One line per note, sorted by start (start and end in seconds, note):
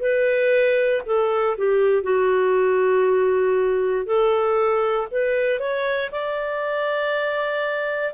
0.00 1.02 B4
1.06 1.57 A4
1.57 2.03 G4
2.03 4.06 F#4
4.06 5.08 A4
5.11 5.59 B4
5.59 6.10 C#5
6.12 8.14 D5